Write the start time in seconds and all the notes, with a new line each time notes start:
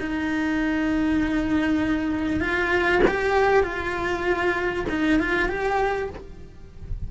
0.00 D#4
2.40 F4
3.08 G4
3.63 F4
4.89 D#4
5.20 F4
5.49 G4